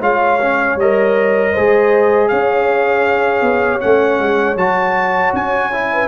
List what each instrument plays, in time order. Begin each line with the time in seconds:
0.00 tuba G#3, trombone F4, horn C#5, trumpet F5
0.41 trombone C#4
0.75 tuba G3, trombone A#4, trumpet D#5
1.52 tuba G#3, trombone G#4, horn C5
2.28 tuba C#4, horn C#5, trumpet F5
3.41 tuba B3
3.80 tuba A3, trombone C#4, trumpet F#5
4.19 tuba G#3
4.55 tuba F#3, trombone F#4, trumpet A5
5.33 tuba C#4, trumpet G#5
5.72 trombone E4
5.93 horn B4